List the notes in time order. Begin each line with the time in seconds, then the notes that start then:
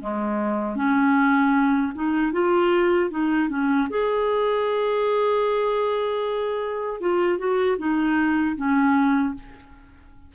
0.00 G#3
0.76 C#4
1.95 D#4
2.33 F4
3.11 D#4
3.49 C#4
3.90 G#4
7.01 F4
7.38 F#4
7.78 D#4
8.56 C#4